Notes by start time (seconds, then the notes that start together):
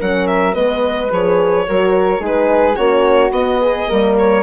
0.00 F#3 C#4 A#4 F#5
0.27 E5
0.54 G#3 B3 B4 D#5
1.11 F3 G#4 C#5
1.67 F#3 F#4 A#4
2.19 G#3 D#4 G#4
2.26 B4
2.76 A#3 C#4 F#4 C#5
3.31 B3 D#5
3.61 G#4
3.88 G3 A#3 A#4
4.18 C#5